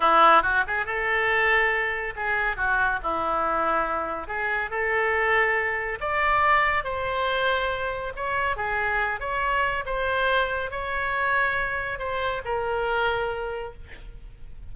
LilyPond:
\new Staff \with { instrumentName = "oboe" } { \time 4/4 \tempo 4 = 140 e'4 fis'8 gis'8 a'2~ | a'4 gis'4 fis'4 e'4~ | e'2 gis'4 a'4~ | a'2 d''2 |
c''2. cis''4 | gis'4. cis''4. c''4~ | c''4 cis''2. | c''4 ais'2. | }